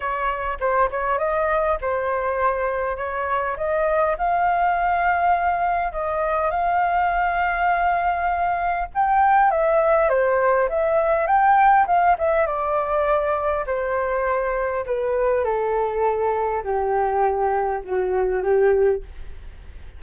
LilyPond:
\new Staff \with { instrumentName = "flute" } { \time 4/4 \tempo 4 = 101 cis''4 c''8 cis''8 dis''4 c''4~ | c''4 cis''4 dis''4 f''4~ | f''2 dis''4 f''4~ | f''2. g''4 |
e''4 c''4 e''4 g''4 | f''8 e''8 d''2 c''4~ | c''4 b'4 a'2 | g'2 fis'4 g'4 | }